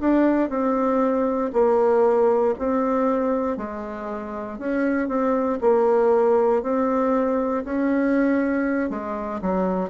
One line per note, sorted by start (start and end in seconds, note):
0.00 0.49 D4
0.49 1.51 C4
1.53 2.54 A#3
2.58 3.56 C4
3.56 4.58 G#3
4.59 5.08 C#4
5.08 5.59 C4
5.60 6.62 A#3
6.62 7.64 C4
7.64 8.89 C#4
8.89 9.40 G#3
9.41 9.89 F#3